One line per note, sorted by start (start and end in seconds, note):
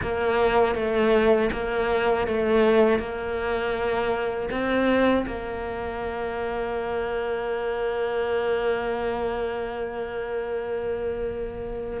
0.02 0.75 A#3
0.75 1.50 A3
1.52 2.27 A#3
2.27 2.99 A3
2.99 4.49 A#3
4.50 5.25 C4
5.27 12.00 A#3